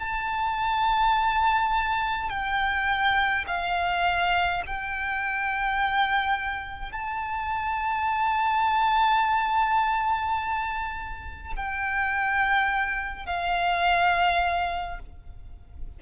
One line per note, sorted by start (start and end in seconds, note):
0.00 2.30 A5
2.30 3.45 G5
3.47 4.63 F5
4.67 6.92 G5
6.92 11.54 A5
11.57 13.26 G5
13.26 14.99 F5